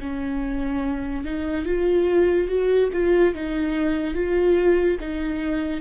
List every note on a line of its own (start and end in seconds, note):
0.00 1.25 C#4
1.25 1.66 D#4
1.66 2.48 F4
2.48 2.90 F#4
2.93 3.34 F4
3.34 4.15 D#4
4.15 4.98 F4
5.00 5.81 D#4